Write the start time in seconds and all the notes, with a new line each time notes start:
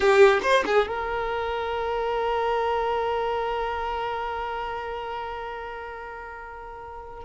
0.00 G4
0.42 C5
0.66 G#4
0.87 A#4